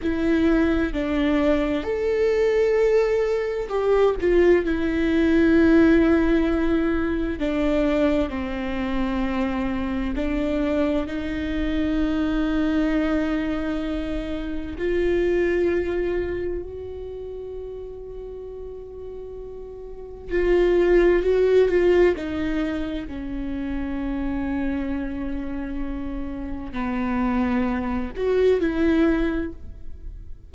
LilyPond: \new Staff \with { instrumentName = "viola" } { \time 4/4 \tempo 4 = 65 e'4 d'4 a'2 | g'8 f'8 e'2. | d'4 c'2 d'4 | dis'1 |
f'2 fis'2~ | fis'2 f'4 fis'8 f'8 | dis'4 cis'2.~ | cis'4 b4. fis'8 e'4 | }